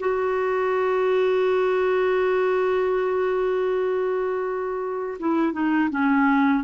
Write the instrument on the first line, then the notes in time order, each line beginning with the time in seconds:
clarinet
0.00 F#4
5.20 E4
5.53 D#4
5.91 C#4